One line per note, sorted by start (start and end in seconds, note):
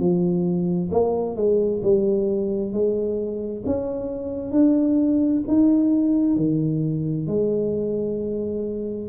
0.00 0.91 F3
0.92 1.36 A#3
1.36 1.82 G#3
1.83 2.73 G3
2.73 3.64 G#3
3.67 4.52 C#4
4.52 5.43 D4
5.48 6.37 D#4
6.37 7.28 D#3
7.28 9.10 G#3